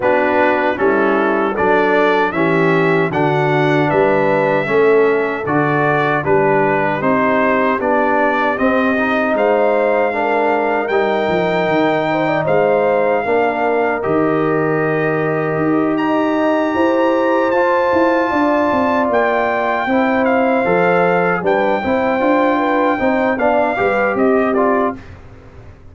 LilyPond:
<<
  \new Staff \with { instrumentName = "trumpet" } { \time 4/4 \tempo 4 = 77 b'4 a'4 d''4 e''4 | fis''4 e''2 d''4 | b'4 c''4 d''4 dis''4 | f''2 g''2 |
f''2 dis''2~ | dis''8 ais''2 a''4.~ | a''8 g''4. f''4. g''8~ | g''2 f''4 dis''8 d''8 | }
  \new Staff \with { instrumentName = "horn" } { \time 4/4 fis'4 e'4 a'4 g'4 | fis'4 b'4 a'2 | g'1 | c''4 ais'2~ ais'8 c''16 d''16 |
c''4 ais'2.~ | ais'8 dis''4 c''2 d''8~ | d''4. c''2 b'8 | c''4 b'8 c''8 d''8 b'8 g'4 | }
  \new Staff \with { instrumentName = "trombone" } { \time 4/4 d'4 cis'4 d'4 cis'4 | d'2 cis'4 fis'4 | d'4 dis'4 d'4 c'8 dis'8~ | dis'4 d'4 dis'2~ |
dis'4 d'4 g'2~ | g'2~ g'8 f'4.~ | f'4. e'4 a'4 d'8 | e'8 f'4 dis'8 d'8 g'4 f'8 | }
  \new Staff \with { instrumentName = "tuba" } { \time 4/4 b4 g4 fis4 e4 | d4 g4 a4 d4 | g4 c'4 b4 c'4 | gis2 g8 f8 dis4 |
gis4 ais4 dis2 | dis'4. e'4 f'8 e'8 d'8 | c'8 ais4 c'4 f4 g8 | c'8 d'4 c'8 b8 g8 c'4 | }
>>